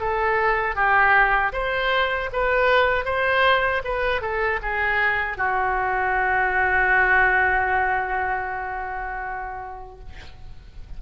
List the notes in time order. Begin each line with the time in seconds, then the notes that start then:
0.00 A4
0.75 G4
1.52 C5
2.33 B4
3.05 C5
3.84 B4
4.21 A4
4.62 G#4
5.37 F#4